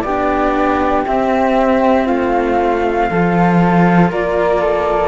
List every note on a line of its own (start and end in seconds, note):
0.00 1.05 B3
0.00 2.06 G4
0.00 1.02 D5
0.07 1.07 D4
1.06 3.10 C4
1.06 2.08 C4
1.06 2.06 E5
2.06 3.10 A3
2.06 3.07 F4
2.06 4.10 F5
3.10 4.11 F3
3.10 5.08 F4
3.10 4.10 A4
4.10 5.08 A#3
4.10 4.60 A#4
4.10 5.08 D5
4.60 5.08 A4